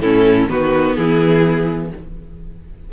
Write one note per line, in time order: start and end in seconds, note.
0.00 0.48 A2
0.00 0.49 C#4
0.00 0.49 E4
0.00 0.48 A4
0.49 0.97 D#3
0.49 1.92 B3
0.49 0.97 F#4
0.49 0.95 B4
0.95 1.92 E3
0.95 1.93 E4
0.95 1.90 G#4